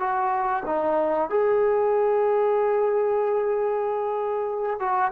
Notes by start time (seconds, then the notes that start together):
0.00 F#4
0.66 D#4
1.30 G#4
4.80 F#4